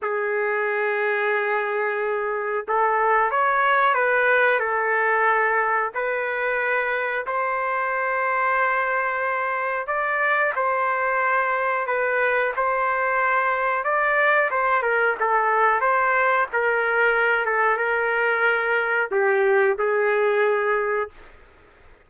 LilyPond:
\new Staff \with { instrumentName = "trumpet" } { \time 4/4 \tempo 4 = 91 gis'1 | a'4 cis''4 b'4 a'4~ | a'4 b'2 c''4~ | c''2. d''4 |
c''2 b'4 c''4~ | c''4 d''4 c''8 ais'8 a'4 | c''4 ais'4. a'8 ais'4~ | ais'4 g'4 gis'2 | }